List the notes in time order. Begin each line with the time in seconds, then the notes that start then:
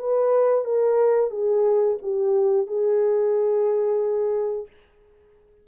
0.00 B4
0.65 A#4
1.31 G#4
2.03 G4
2.68 G#4